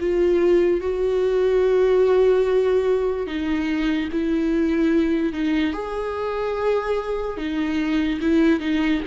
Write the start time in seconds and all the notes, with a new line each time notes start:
0.00 F4
0.81 F#4
3.27 D#4
4.12 E4
5.33 D#4
5.73 G#4
7.37 D#4
8.21 E4
8.60 D#4